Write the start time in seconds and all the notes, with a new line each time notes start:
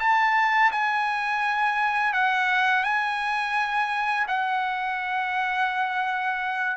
0.00 A5
0.72 G#5
2.14 F#5
2.84 G#5
4.28 F#5